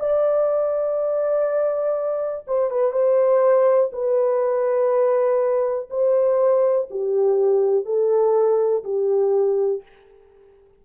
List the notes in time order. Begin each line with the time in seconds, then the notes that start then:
0.00 D5
2.47 C5
2.70 B4
2.92 C5
3.93 B4
5.90 C5
6.91 G4
7.86 A4
8.84 G4